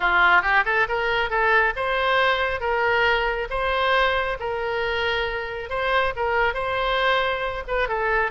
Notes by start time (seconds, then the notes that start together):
0.00 F4
0.42 G4
0.65 A4
0.88 A#4
1.29 A4
1.76 C5
2.60 A#4
3.49 C5
4.39 A#4
5.69 C5
6.16 A#4
6.54 C5
7.67 B4
7.88 A4